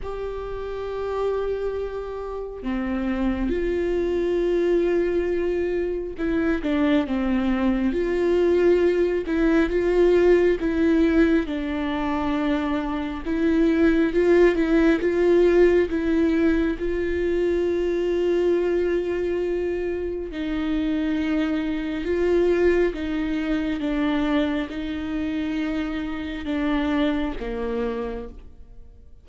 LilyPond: \new Staff \with { instrumentName = "viola" } { \time 4/4 \tempo 4 = 68 g'2. c'4 | f'2. e'8 d'8 | c'4 f'4. e'8 f'4 | e'4 d'2 e'4 |
f'8 e'8 f'4 e'4 f'4~ | f'2. dis'4~ | dis'4 f'4 dis'4 d'4 | dis'2 d'4 ais4 | }